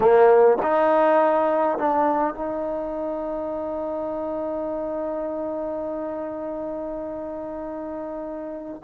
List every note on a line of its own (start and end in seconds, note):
0.00 0.57 A#3
0.62 1.78 D#4
1.78 2.34 D4
2.34 8.81 D#4